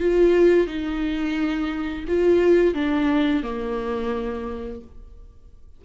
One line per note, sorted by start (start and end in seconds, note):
0.00 0.67 F4
0.67 2.05 D#4
2.08 2.74 F4
2.74 3.43 D4
3.43 4.81 A#3